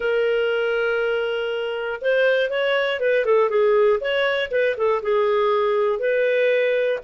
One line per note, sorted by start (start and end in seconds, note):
0.00 2.00 A#4
2.01 2.50 C5
2.50 3.00 C#5
3.00 3.25 B4
3.25 3.49 A4
3.49 3.99 G#4
4.00 4.50 C#5
4.50 4.75 B4
4.77 5.02 A4
5.02 5.99 G#4
5.99 6.99 B4